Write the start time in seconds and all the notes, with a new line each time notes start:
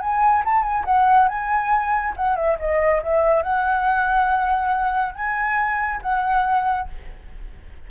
0.00 G#5
0.45 A5
0.62 G#5
0.85 F#5
1.28 G#5
2.16 F#5
2.36 E5
2.59 D#5
3.03 E5
3.42 F#5
5.14 G#5
6.02 F#5